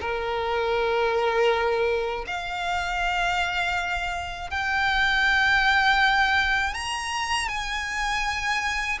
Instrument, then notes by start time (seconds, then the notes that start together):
violin
0.00 A#4
2.26 F5
4.50 G5
6.74 A#5
7.48 G#5